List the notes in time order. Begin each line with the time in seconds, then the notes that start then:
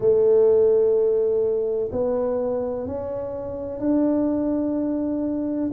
0.00 A3
1.91 B3
2.86 C#4
3.79 D4